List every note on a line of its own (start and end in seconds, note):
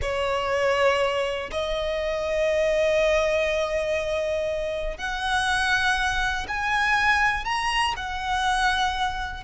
0.01 1.50 C#5
1.50 4.97 D#5
4.97 6.46 F#5
6.48 7.44 G#5
7.44 7.94 A#5
7.96 9.43 F#5